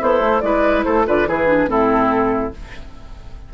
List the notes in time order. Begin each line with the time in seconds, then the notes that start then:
0.00 B3 E4 A4 C5
0.21 A3
0.41 G#3 E4 B4 D5
0.84 A3 A4 C5
1.06 D3 F4 B4 D5
1.27 E3 E4 G#4 B4
1.47 D4
1.68 A2 C4 E4 A4